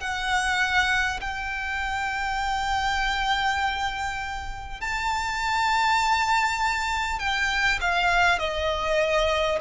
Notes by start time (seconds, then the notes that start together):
0.00 F#5
1.21 G5
4.81 A5
7.19 G5
7.81 F5
8.39 D#5